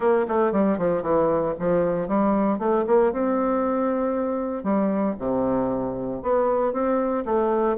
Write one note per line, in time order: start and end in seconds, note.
0.00 0.26 A#3
0.28 0.52 A3
0.52 0.78 G3
0.78 1.02 F3
1.02 1.54 E3
1.59 2.08 F3
2.08 2.58 G3
2.58 2.84 A3
2.86 3.12 A#3
3.12 4.63 C4
4.63 5.15 G3
5.18 6.22 C3
6.22 6.72 B3
6.72 7.24 C4
7.25 7.77 A3